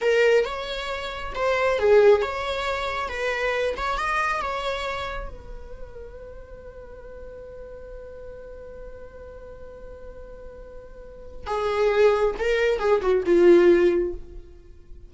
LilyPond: \new Staff \with { instrumentName = "viola" } { \time 4/4 \tempo 4 = 136 ais'4 cis''2 c''4 | gis'4 cis''2 b'4~ | b'8 cis''8 dis''4 cis''2 | b'1~ |
b'1~ | b'1~ | b'2 gis'2 | ais'4 gis'8 fis'8 f'2 | }